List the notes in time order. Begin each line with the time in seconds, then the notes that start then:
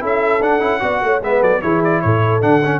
0.00 C#4 E4 A4 E5
0.41 D4 F#5
0.60 C#4 E4
0.80 B3 F#4 D5
1.01 A3 C#5
1.21 G#3 B3 B4 E5
1.40 F#3 A4 D5
1.62 E3 E4 G#4 C#5
1.84 D5
2.01 A2 A4 C#5
2.41 D3 D4 F#5
2.65 C#4